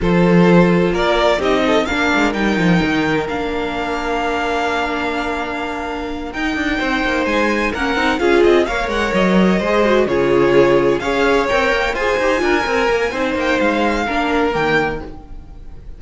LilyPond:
<<
  \new Staff \with { instrumentName = "violin" } { \time 4/4 \tempo 4 = 128 c''2 d''4 dis''4 | f''4 g''2 f''4~ | f''1~ | f''4. g''2 gis''8~ |
gis''8 fis''4 f''8 dis''8 f''8 fis''8 dis''8~ | dis''4. cis''2 f''8~ | f''8 g''4 gis''2~ gis''8~ | gis''8 g''8 f''2 g''4 | }
  \new Staff \with { instrumentName = "violin" } { \time 4/4 a'2 ais'4 g'8 a'8 | ais'1~ | ais'1~ | ais'2~ ais'8 c''4.~ |
c''8 ais'4 gis'4 cis''4.~ | cis''8 c''4 gis'2 cis''8~ | cis''4. c''4 ais'4. | c''2 ais'2 | }
  \new Staff \with { instrumentName = "viola" } { \time 4/4 f'2. dis'4 | d'4 dis'2 d'4~ | d'1~ | d'4. dis'2~ dis'8~ |
dis'8 cis'8 dis'8 f'4 ais'4.~ | ais'8 gis'8 fis'8 f'2 gis'8~ | gis'8 ais'4 gis'8 g'8 f'8 ais'4 | dis'2 d'4 ais4 | }
  \new Staff \with { instrumentName = "cello" } { \time 4/4 f2 ais4 c'4 | ais8 gis8 g8 f8 dis4 ais4~ | ais1~ | ais4. dis'8 d'8 c'8 ais8 gis8~ |
gis8 ais8 c'8 cis'8 c'8 ais8 gis8 fis8~ | fis8 gis4 cis2 cis'8~ | cis'8 c'8 ais8 f'8 dis'8 d'8 c'8 ais8 | c'8 ais8 gis4 ais4 dis4 | }
>>